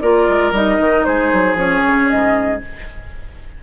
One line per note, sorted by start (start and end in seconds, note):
0.00 0.27 A#3
0.00 0.53 F4
0.00 1.05 A#4
0.00 0.52 D5
0.28 0.52 G#3
0.52 0.77 G3
0.52 1.56 D#4
0.52 1.04 D#5
0.79 1.05 D#3
1.04 1.32 G#3
1.04 2.61 G#4
1.04 1.56 C5
1.32 1.54 F#3
1.54 1.80 F3
1.54 2.60 C#4
1.54 2.09 C#5
1.86 2.11 C#3
2.09 2.62 G#2
2.09 2.61 D#5